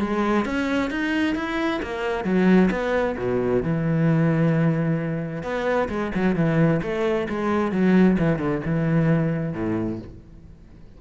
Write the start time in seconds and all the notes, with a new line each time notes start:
0.00 G#3
0.45 C#4
0.90 D#4
1.35 E4
1.82 A#3
2.24 F#3
2.71 B3
3.18 B2
3.63 E3
5.43 B3
5.89 G#3
6.15 F#3
6.36 E3
6.82 A3
7.29 G#3
7.72 F#3
8.18 E3
8.39 D3
8.65 E3
9.53 A2